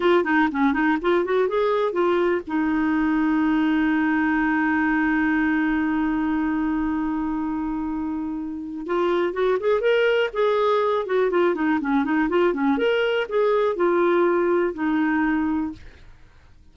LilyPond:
\new Staff \with { instrumentName = "clarinet" } { \time 4/4 \tempo 4 = 122 f'8 dis'8 cis'8 dis'8 f'8 fis'8 gis'4 | f'4 dis'2.~ | dis'1~ | dis'1~ |
dis'2 f'4 fis'8 gis'8 | ais'4 gis'4. fis'8 f'8 dis'8 | cis'8 dis'8 f'8 cis'8 ais'4 gis'4 | f'2 dis'2 | }